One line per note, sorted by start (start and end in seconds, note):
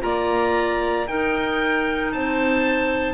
0.00 1.08 A#3
0.00 1.05 F4
0.00 1.09 D5
0.00 1.07 A#5
1.07 3.14 D#4
1.07 2.13 D#4
1.07 2.14 A#4
1.07 2.12 G5
2.12 3.14 C4
2.12 3.14 C5
2.12 3.14 A5